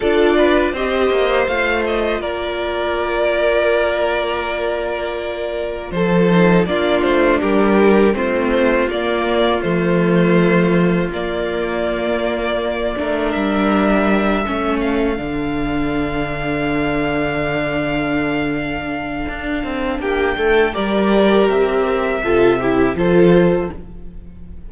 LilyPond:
<<
  \new Staff \with { instrumentName = "violin" } { \time 4/4 \tempo 4 = 81 d''4 dis''4 f''8 dis''8 d''4~ | d''1 | c''4 d''8 c''8 ais'4 c''4 | d''4 c''2 d''4~ |
d''2 e''2 | f''1~ | f''2. g''4 | d''4 e''2 c''4 | }
  \new Staff \with { instrumentName = "violin" } { \time 4/4 a'8 b'8 c''2 ais'4~ | ais'1 | a'4 f'4 g'4 f'4~ | f'1~ |
f'4. ais'2 a'8~ | a'1~ | a'2. g'8 a'8 | ais'2 a'8 g'8 a'4 | }
  \new Staff \with { instrumentName = "viola" } { \time 4/4 f'4 g'4 f'2~ | f'1~ | f'8 dis'8 d'2 c'4 | ais4 a2 ais4~ |
ais4. d'2 cis'8~ | cis'8 d'2.~ d'8~ | d'1 | g'2 f'8 e'8 f'4 | }
  \new Staff \with { instrumentName = "cello" } { \time 4/4 d'4 c'8 ais8 a4 ais4~ | ais1 | f4 ais8 a8 g4 a4 | ais4 f2 ais4~ |
ais4. a8 g4. a8~ | a8 d2.~ d8~ | d2 d'8 c'8 ais8 a8 | g4 c'4 c4 f4 | }
>>